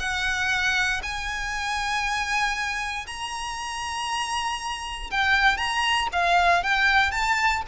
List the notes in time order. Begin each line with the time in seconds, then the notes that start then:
0.00 F#5
1.03 G#5
3.07 A#5
5.11 G5
5.57 A#5
6.13 F5
6.64 G5
7.12 A5